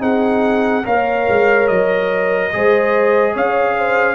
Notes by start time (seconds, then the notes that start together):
0.00 C4 D#4 G#4 F#5
0.84 A#3 A#4 C#5 F5
1.30 G#3
1.68 F#3 D#5
2.53 G#3 G#4 C5
3.34 C#4 C#5 F5
3.78 C5